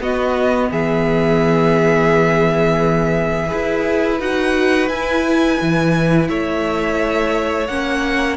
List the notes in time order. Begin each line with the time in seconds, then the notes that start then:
0.00 B3 F#4 D#5
0.70 E3 G#4 E5
3.47 E4 G#4 B4
4.20 D#4 F#4 F#5
4.88 E4 G#5
5.62 E3
6.29 A3 C#5 E5
7.67 A#3 C#4 F#5